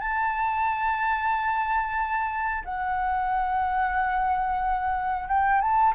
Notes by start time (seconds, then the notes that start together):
0.00 A5
2.65 F#5
5.28 G5
5.61 A5